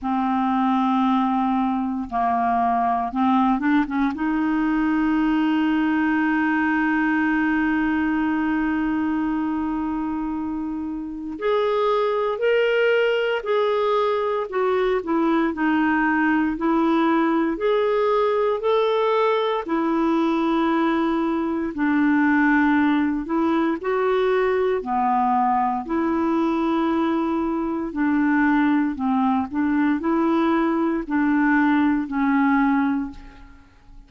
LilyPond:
\new Staff \with { instrumentName = "clarinet" } { \time 4/4 \tempo 4 = 58 c'2 ais4 c'8 d'16 cis'16 | dis'1~ | dis'2. gis'4 | ais'4 gis'4 fis'8 e'8 dis'4 |
e'4 gis'4 a'4 e'4~ | e'4 d'4. e'8 fis'4 | b4 e'2 d'4 | c'8 d'8 e'4 d'4 cis'4 | }